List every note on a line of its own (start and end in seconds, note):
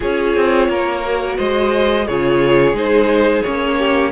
0.00 0.36 C#4
0.00 1.03 F4
0.00 0.68 G#4
0.00 1.38 C#5
0.36 0.68 C4
0.68 1.37 A#3
0.68 1.37 A#4
1.04 2.08 F#4
1.37 2.08 G#3
1.37 2.06 C5
1.37 2.07 D#5
2.06 2.73 C#3
2.06 2.74 F4
2.06 3.77 G#4
2.06 2.76 C#5
2.73 3.42 G#3
2.73 3.43 D#4
2.73 3.42 C5
3.42 4.12 A#3
3.42 4.12 C#4
3.42 4.11 C#5
3.77 4.12 G4